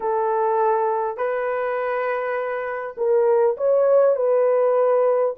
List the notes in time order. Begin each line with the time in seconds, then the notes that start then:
0.00 A4
1.17 B4
2.97 A#4
3.57 C#5
4.16 B4